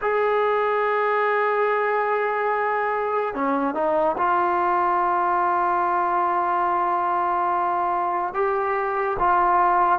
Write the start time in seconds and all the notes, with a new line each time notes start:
0.02 G#4
3.34 C#4
3.74 D#4
4.17 F4
8.33 G4
9.19 F4